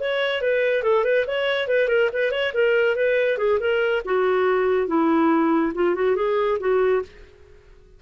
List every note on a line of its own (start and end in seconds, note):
0.00 0.41 C#5
0.41 0.83 B4
0.83 1.04 A4
1.04 1.25 B4
1.26 1.68 C#5
1.68 1.88 B4
1.88 2.09 A#4
2.13 2.31 B4
2.31 2.52 C#5
2.54 2.95 A#4
2.95 3.38 B4
3.38 3.59 G#4
3.59 4.02 A#4
4.05 4.87 F#4
4.87 5.72 E4
5.74 5.95 F4
5.95 6.15 F#4
6.15 6.58 G#4
6.59 7.02 F#4